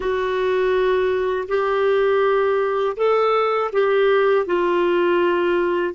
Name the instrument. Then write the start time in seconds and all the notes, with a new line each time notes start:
clarinet
0.00 F#4
1.48 G4
2.96 A4
3.72 G4
4.46 F4